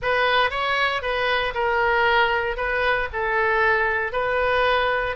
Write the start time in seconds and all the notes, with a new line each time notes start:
0.02 B4
0.50 C#5
1.01 B4
1.54 A#4
2.57 B4
3.12 A4
4.12 B4